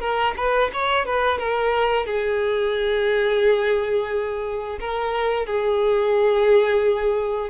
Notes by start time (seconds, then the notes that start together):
0.00 A#4
0.37 B4
0.73 C#5
1.05 B4
1.38 A#4
2.06 G#4
4.80 A#4
5.46 G#4